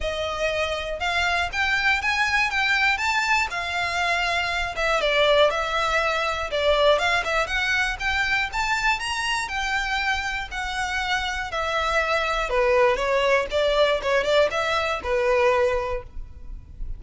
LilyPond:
\new Staff \with { instrumentName = "violin" } { \time 4/4 \tempo 4 = 120 dis''2 f''4 g''4 | gis''4 g''4 a''4 f''4~ | f''4. e''8 d''4 e''4~ | e''4 d''4 f''8 e''8 fis''4 |
g''4 a''4 ais''4 g''4~ | g''4 fis''2 e''4~ | e''4 b'4 cis''4 d''4 | cis''8 d''8 e''4 b'2 | }